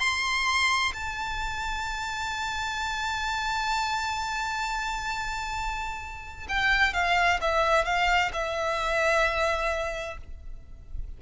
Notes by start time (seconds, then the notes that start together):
0.00 C6
0.94 A5
6.49 G5
6.94 F5
7.41 E5
7.85 F5
8.33 E5